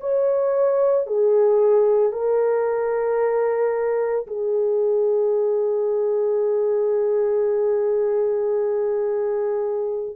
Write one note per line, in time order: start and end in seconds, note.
0.00 1.06 C#5
1.06 2.12 G#4
2.12 4.26 A#4
4.27 10.16 G#4